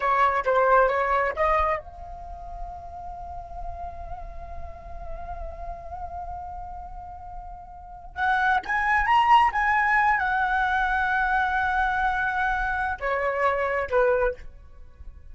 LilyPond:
\new Staff \with { instrumentName = "flute" } { \time 4/4 \tempo 4 = 134 cis''4 c''4 cis''4 dis''4 | f''1~ | f''1~ | f''1~ |
f''2~ f''16 fis''4 gis''8.~ | gis''16 ais''4 gis''4. fis''4~ fis''16~ | fis''1~ | fis''4 cis''2 b'4 | }